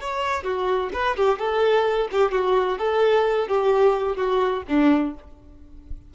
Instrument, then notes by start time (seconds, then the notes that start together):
violin
0.00 C#5
0.43 F#4
0.93 B4
1.16 G4
1.38 A4
2.11 G4
2.32 F#4
2.78 A4
3.48 G4
4.16 F#4
4.68 D4